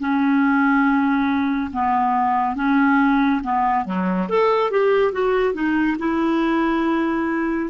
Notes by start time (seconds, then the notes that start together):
0.00 C#4
1.73 B3
2.56 C#4
3.43 B3
3.86 F#3
4.29 A4
4.71 G4
5.13 F#4
5.54 D#4
5.99 E4